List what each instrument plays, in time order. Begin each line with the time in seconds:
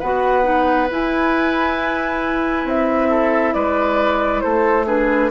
0.00 bassoon B3, clarinet F#4, oboe B4, flute F#5
0.43 clarinet D#4
0.91 clarinet E4, bassoon E4, flute G#5
2.65 bassoon C4, flute E5
3.10 oboe A4
3.54 bassoon G#3, oboe B4, flute D5
4.41 bassoon A3, oboe A4, flute C5
4.86 clarinet D4, oboe G#4, flute B4